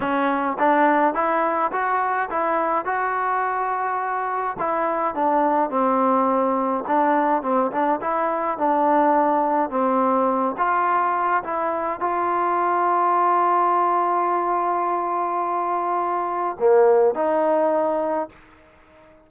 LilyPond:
\new Staff \with { instrumentName = "trombone" } { \time 4/4 \tempo 4 = 105 cis'4 d'4 e'4 fis'4 | e'4 fis'2. | e'4 d'4 c'2 | d'4 c'8 d'8 e'4 d'4~ |
d'4 c'4. f'4. | e'4 f'2.~ | f'1~ | f'4 ais4 dis'2 | }